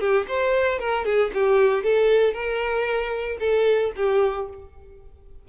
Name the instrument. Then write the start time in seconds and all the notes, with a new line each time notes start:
violin
0.00 G4
0.28 C5
0.79 A#4
1.05 G#4
1.34 G4
1.83 A4
2.33 A#4
3.40 A4
3.96 G4